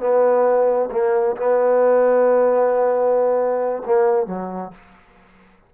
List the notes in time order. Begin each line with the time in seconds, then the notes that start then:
0.00 B3
0.92 A#3
1.37 B3
3.86 A#3
4.27 F#3